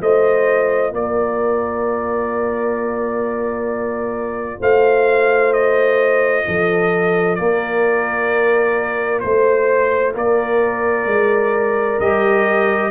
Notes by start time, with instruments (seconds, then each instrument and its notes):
0.00 tuba A3, trombone F4, horn C5, trumpet D#5
0.92 tuba A#3, horn A#4, trumpet D5
4.60 tuba A3, horn C5, trumpet F5
5.53 trumpet D#5
6.46 tuba F3, horn A4
7.35 tuba A#3, horn A#4, trumpet D5
9.20 tuba A3, trumpet C5, horn C5
10.15 tuba A#3, horn A#4, trumpet D5
11.06 tuba G#3
12.00 tuba G3, trombone G4, trumpet D#5